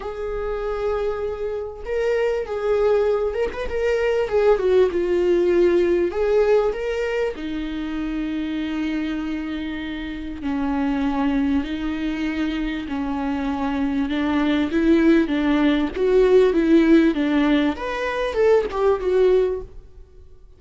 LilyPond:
\new Staff \with { instrumentName = "viola" } { \time 4/4 \tempo 4 = 98 gis'2. ais'4 | gis'4. ais'16 b'16 ais'4 gis'8 fis'8 | f'2 gis'4 ais'4 | dis'1~ |
dis'4 cis'2 dis'4~ | dis'4 cis'2 d'4 | e'4 d'4 fis'4 e'4 | d'4 b'4 a'8 g'8 fis'4 | }